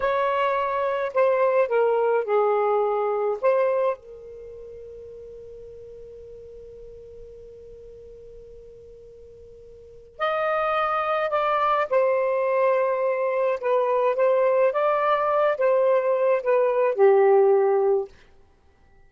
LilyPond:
\new Staff \with { instrumentName = "saxophone" } { \time 4/4 \tempo 4 = 106 cis''2 c''4 ais'4 | gis'2 c''4 ais'4~ | ais'1~ | ais'1~ |
ais'2 dis''2 | d''4 c''2. | b'4 c''4 d''4. c''8~ | c''4 b'4 g'2 | }